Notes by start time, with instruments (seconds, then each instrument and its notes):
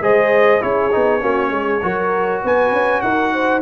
0.00 tuba G#3, trombone G#4, horn C5, trumpet D#5
0.60 tuba C#4, trombone E4, horn G#4, trumpet C#5
0.91 tuba B3, trombone D#4
1.20 tuba A#3, trombone C#4, horn F#4
1.49 tuba G#3, horn G#4
1.82 tuba F#3, trombone F#4, horn A#4
2.42 tuba B3, horn B4, trumpet G#5
2.72 tuba C#4
3.01 tuba D#4, horn A#4, trumpet F#5
3.33 horn C5